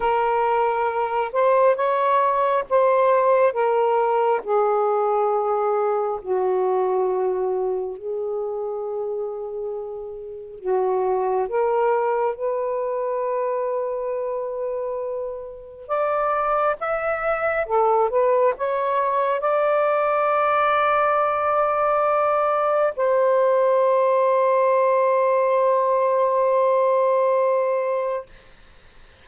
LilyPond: \new Staff \with { instrumentName = "saxophone" } { \time 4/4 \tempo 4 = 68 ais'4. c''8 cis''4 c''4 | ais'4 gis'2 fis'4~ | fis'4 gis'2. | fis'4 ais'4 b'2~ |
b'2 d''4 e''4 | a'8 b'8 cis''4 d''2~ | d''2 c''2~ | c''1 | }